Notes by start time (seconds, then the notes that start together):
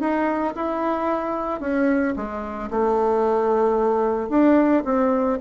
0.00 D#4
0.55 E4
1.60 C#4
2.16 G#3
2.71 A3
4.29 D4
4.85 C4